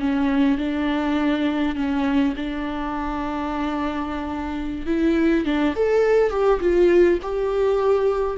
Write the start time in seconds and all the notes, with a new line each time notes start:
0.00 C#4
0.58 D4
1.76 C#4
2.37 D4
4.87 E4
5.45 D4
5.76 A4
6.31 G4
6.60 F4
7.23 G4